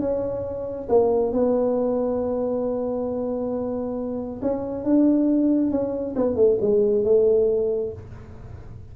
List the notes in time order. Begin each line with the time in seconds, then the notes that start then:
0.00 C#4
0.89 A#3
1.32 B3
4.42 C#4
4.84 D4
5.71 C#4
6.16 B3
6.36 A3
6.61 G#3
7.04 A3